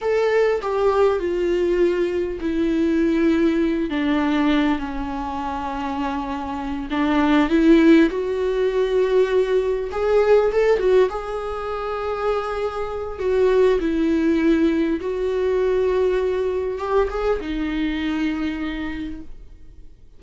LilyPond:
\new Staff \with { instrumentName = "viola" } { \time 4/4 \tempo 4 = 100 a'4 g'4 f'2 | e'2~ e'8 d'4. | cis'2.~ cis'8 d'8~ | d'8 e'4 fis'2~ fis'8~ |
fis'8 gis'4 a'8 fis'8 gis'4.~ | gis'2 fis'4 e'4~ | e'4 fis'2. | g'8 gis'8 dis'2. | }